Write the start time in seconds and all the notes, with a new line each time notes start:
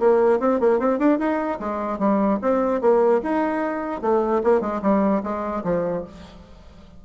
0.00 A#3
0.40 C4
0.60 A#3
0.79 C4
0.99 D4
1.19 D#4
1.60 G#3
1.99 G3
2.42 C4
2.81 A#3
3.23 D#4
4.02 A3
4.44 A#3
4.61 G#3
4.82 G3
5.24 G#3
5.64 F3